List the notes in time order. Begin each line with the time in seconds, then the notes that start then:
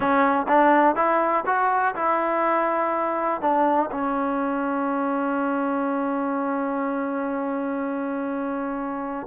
0.00 C#4
0.48 D4
0.95 E4
1.46 F#4
1.95 E4
3.41 D4
3.91 C#4